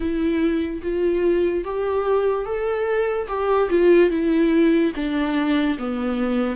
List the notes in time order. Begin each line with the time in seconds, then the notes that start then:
0.00 E4
0.82 F4
1.64 G4
2.45 A4
3.28 G4
3.69 F4
4.10 E4
4.95 D4
5.78 B3